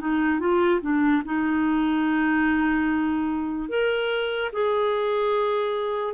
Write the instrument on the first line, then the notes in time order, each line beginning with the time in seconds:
clarinet
0.00 D#4
0.40 F4
0.81 D4
1.25 D#4
3.69 A#4
4.52 G#4